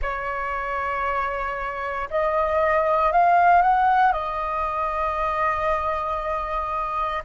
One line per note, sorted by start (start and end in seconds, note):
0.01 2.08 C#5
2.10 3.11 D#5
3.11 3.62 F5
3.62 4.12 F#5
4.12 7.22 D#5